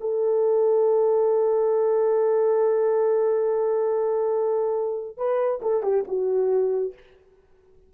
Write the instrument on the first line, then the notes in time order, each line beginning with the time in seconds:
horn
0.00 A4
5.17 B4
5.62 A4
5.82 G4
6.07 F#4